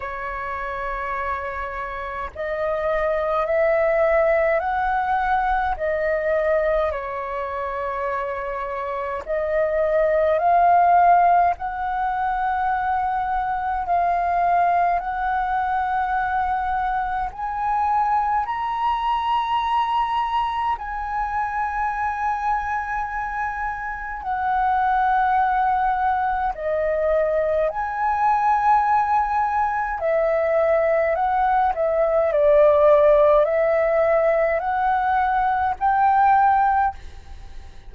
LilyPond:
\new Staff \with { instrumentName = "flute" } { \time 4/4 \tempo 4 = 52 cis''2 dis''4 e''4 | fis''4 dis''4 cis''2 | dis''4 f''4 fis''2 | f''4 fis''2 gis''4 |
ais''2 gis''2~ | gis''4 fis''2 dis''4 | gis''2 e''4 fis''8 e''8 | d''4 e''4 fis''4 g''4 | }